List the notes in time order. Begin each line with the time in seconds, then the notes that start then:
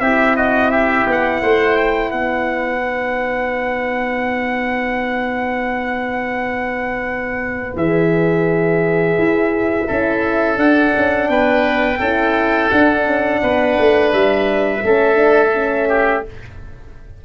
0.00 C4 E4 G4 E5
0.36 F#4 D#5
0.71 G4 E5
1.07 B3 F#5
1.41 A3 C5
1.76 G5
2.11 B3 B4 F#5
2.82 D#4
7.76 E3 G#4 E5
9.18 E4
9.87 C#4 E4 A4
10.57 D4 F#5
10.97 C#4
11.28 B3 B4 G5
11.99 C#4 E4 A4
12.70 D4 F#5
13.06 C#4
13.42 B3 B4
13.79 A3
14.12 G3 E5
14.83 A3 C#4 A4
15.15 D4
15.54 C#4
15.89 G4